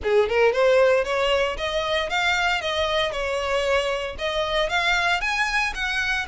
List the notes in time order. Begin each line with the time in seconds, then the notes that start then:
0.03 G#4
0.29 A#4
0.52 C5
1.04 C#5
1.57 D#5
2.09 F5
2.61 D#5
3.11 C#5
4.18 D#5
4.69 F5
5.20 G#5
5.74 F#5